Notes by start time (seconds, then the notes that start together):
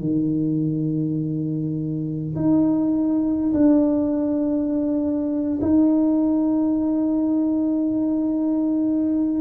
0.00 D#3
2.35 D#4
3.53 D4
5.61 D#4